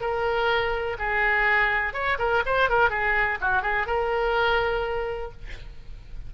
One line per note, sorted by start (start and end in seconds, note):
0.00 0.97 A#4
0.98 1.93 G#4
1.93 2.17 C#5
2.18 2.42 A#4
2.45 2.69 C5
2.69 2.89 A#4
2.89 3.38 G#4
3.40 3.62 F#4
3.62 3.86 G#4
3.86 5.31 A#4